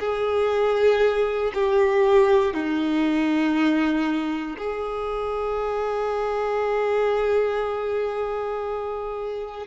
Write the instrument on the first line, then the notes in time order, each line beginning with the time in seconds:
violin
0.00 G#4
1.54 G4
2.54 D#4
4.58 G#4